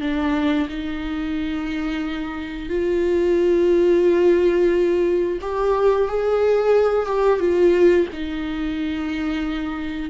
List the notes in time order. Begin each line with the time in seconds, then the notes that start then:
0.00 D4
0.69 D#4
2.69 F4
5.41 G4
6.08 G#4
7.06 G4
7.39 F4
8.12 D#4